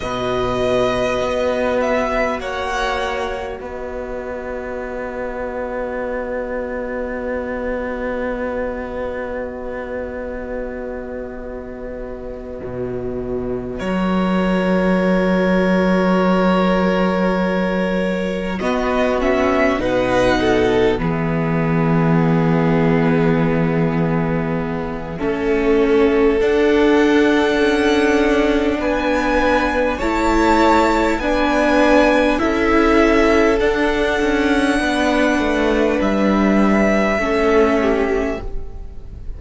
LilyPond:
<<
  \new Staff \with { instrumentName = "violin" } { \time 4/4 \tempo 4 = 50 dis''4. e''8 fis''4 dis''4~ | dis''1~ | dis''2.~ dis''8 cis''8~ | cis''2.~ cis''8 dis''8 |
e''8 fis''4 e''2~ e''8~ | e''2 fis''2 | gis''4 a''4 gis''4 e''4 | fis''2 e''2 | }
  \new Staff \with { instrumentName = "violin" } { \time 4/4 b'2 cis''4 b'4~ | b'1~ | b'2.~ b'8 ais'8~ | ais'2.~ ais'8 fis'8~ |
fis'8 b'8 a'8 gis'2~ gis'8~ | gis'4 a'2. | b'4 cis''4 b'4 a'4~ | a'4 b'2 a'8 g'8 | }
  \new Staff \with { instrumentName = "viola" } { \time 4/4 fis'1~ | fis'1~ | fis'1~ | fis'2.~ fis'8 b8 |
cis'8 dis'4 b2~ b8~ | b4 cis'4 d'2~ | d'4 e'4 d'4 e'4 | d'2. cis'4 | }
  \new Staff \with { instrumentName = "cello" } { \time 4/4 b,4 b4 ais4 b4~ | b1~ | b2~ b8 b,4 fis8~ | fis2.~ fis8 b8~ |
b8 b,4 e2~ e8~ | e4 a4 d'4 cis'4 | b4 a4 b4 cis'4 | d'8 cis'8 b8 a8 g4 a4 | }
>>